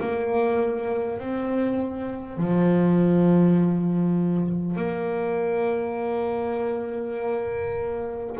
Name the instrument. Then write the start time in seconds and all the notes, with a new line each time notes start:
double bass
0.00 A#3
1.19 C4
2.37 F3
4.76 A#3